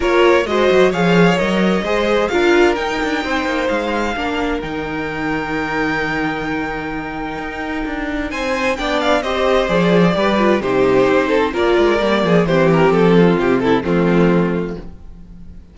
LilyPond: <<
  \new Staff \with { instrumentName = "violin" } { \time 4/4 \tempo 4 = 130 cis''4 dis''4 f''4 dis''4~ | dis''4 f''4 g''2 | f''2 g''2~ | g''1~ |
g''2 gis''4 g''8 f''8 | dis''4 d''2 c''4~ | c''4 d''2 c''8 ais'8 | a'4 g'8 a'8 f'2 | }
  \new Staff \with { instrumentName = "violin" } { \time 4/4 ais'4 c''4 cis''2 | c''4 ais'2 c''4~ | c''4 ais'2.~ | ais'1~ |
ais'2 c''4 d''4 | c''2 b'4 g'4~ | g'8 a'8 ais'4. gis'8 g'4~ | g'8 f'4 e'8 c'2 | }
  \new Staff \with { instrumentName = "viola" } { \time 4/4 f'4 fis'4 gis'4 ais'4 | gis'4 f'4 dis'2~ | dis'4 d'4 dis'2~ | dis'1~ |
dis'2. d'4 | g'4 gis'4 g'8 f'8 dis'4~ | dis'4 f'4 ais4 c'4~ | c'2 a2 | }
  \new Staff \with { instrumentName = "cello" } { \time 4/4 ais4 gis8 fis8 f4 fis4 | gis4 d'4 dis'8 d'8 c'8 ais8 | gis4 ais4 dis2~ | dis1 |
dis'4 d'4 c'4 b4 | c'4 f4 g4 c4 | c'4 ais8 gis8 g8 f8 e4 | f4 c4 f2 | }
>>